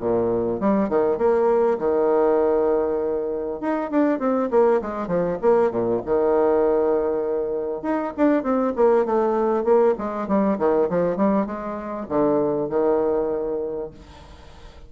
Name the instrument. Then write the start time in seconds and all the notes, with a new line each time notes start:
bassoon
0.00 A#2
0.60 G3
0.89 D#3
1.18 A#3
1.79 D#3
3.61 D#4
3.91 D4
4.19 C4
4.51 A#3
4.82 G#3
5.08 F3
5.42 A#3
5.71 A#2
6.06 D#3
7.82 D#4
8.17 D4
8.43 C4
8.76 A#3
9.06 A3
9.64 A#3
9.98 G#3
10.28 G3
10.59 D#3
10.90 F3
11.17 G3
11.47 G#3
12.09 D3
12.69 D#3